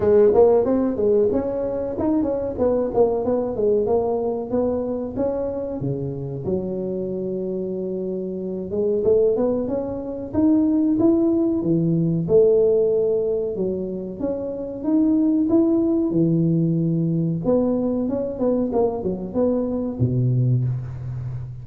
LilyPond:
\new Staff \with { instrumentName = "tuba" } { \time 4/4 \tempo 4 = 93 gis8 ais8 c'8 gis8 cis'4 dis'8 cis'8 | b8 ais8 b8 gis8 ais4 b4 | cis'4 cis4 fis2~ | fis4. gis8 a8 b8 cis'4 |
dis'4 e'4 e4 a4~ | a4 fis4 cis'4 dis'4 | e'4 e2 b4 | cis'8 b8 ais8 fis8 b4 b,4 | }